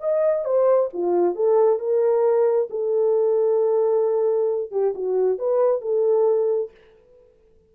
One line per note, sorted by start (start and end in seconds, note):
0.00 0.45 D#5
0.45 0.90 C5
0.93 1.35 F4
1.35 1.79 A4
1.79 2.69 A#4
2.70 4.71 A4
4.71 4.94 G4
4.95 5.38 F#4
5.38 5.81 B4
5.81 6.71 A4